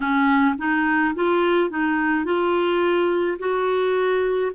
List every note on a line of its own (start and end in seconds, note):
0.00 0.54 C#4
0.58 1.14 D#4
1.14 1.70 F4
1.70 2.24 D#4
2.24 3.38 F4
3.39 4.52 F#4